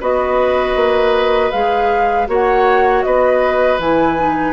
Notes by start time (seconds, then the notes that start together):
0.00 B3 F#4 B4 D#5
0.75 A#3
1.51 G#3 G#4 F5
2.27 A#3 F#4 C#5 F#5
3.02 B3 B4 D#5
3.79 E3 E4 G#5
4.18 D#4